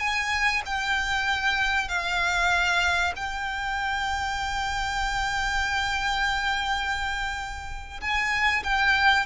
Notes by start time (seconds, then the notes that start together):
0.00 G#5
0.66 G5
1.89 F5
3.17 G5
8.01 G#5
8.64 G5